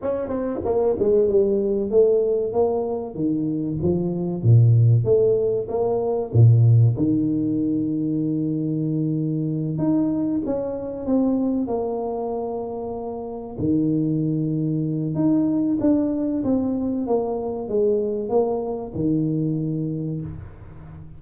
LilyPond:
\new Staff \with { instrumentName = "tuba" } { \time 4/4 \tempo 4 = 95 cis'8 c'8 ais8 gis8 g4 a4 | ais4 dis4 f4 ais,4 | a4 ais4 ais,4 dis4~ | dis2.~ dis8 dis'8~ |
dis'8 cis'4 c'4 ais4.~ | ais4. dis2~ dis8 | dis'4 d'4 c'4 ais4 | gis4 ais4 dis2 | }